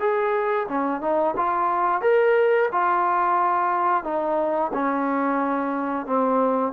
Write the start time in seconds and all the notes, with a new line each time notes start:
0.00 G#4
0.69 C#4
1.01 D#4
1.37 F4
2.02 A#4
2.72 F4
4.04 D#4
4.73 C#4
6.07 C4